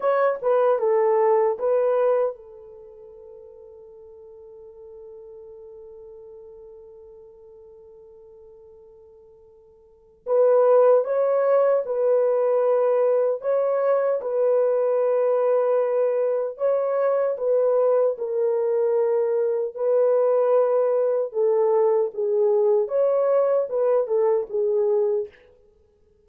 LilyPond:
\new Staff \with { instrumentName = "horn" } { \time 4/4 \tempo 4 = 76 cis''8 b'8 a'4 b'4 a'4~ | a'1~ | a'1~ | a'4 b'4 cis''4 b'4~ |
b'4 cis''4 b'2~ | b'4 cis''4 b'4 ais'4~ | ais'4 b'2 a'4 | gis'4 cis''4 b'8 a'8 gis'4 | }